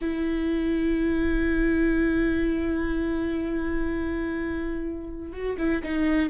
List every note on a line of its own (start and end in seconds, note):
0.00 5.32 E4
5.32 5.56 F#4
5.58 5.82 E4
5.82 6.29 D#4